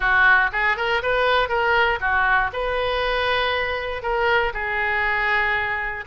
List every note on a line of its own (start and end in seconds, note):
0.00 0.50 F#4
0.52 0.76 G#4
0.76 1.02 A#4
1.02 1.49 B4
1.49 1.99 A#4
2.00 2.50 F#4
2.52 4.02 B4
4.02 4.52 A#4
4.53 6.04 G#4